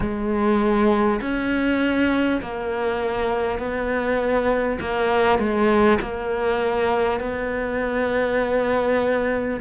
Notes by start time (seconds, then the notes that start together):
0.00 G#3
1.21 C#4
2.41 A#3
3.58 B3
4.80 A#3
5.38 G#3
6.01 A#3
7.19 B3